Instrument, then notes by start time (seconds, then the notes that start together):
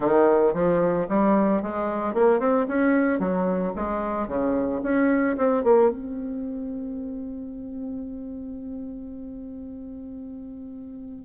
bassoon
0.00 D#3
0.53 F3
1.09 G3
1.62 G#3
2.14 A#3
2.39 C4
2.68 C#4
3.19 F#3
3.75 G#3
4.27 C#3
4.82 C#4
5.37 C4
5.63 A#3
5.90 C4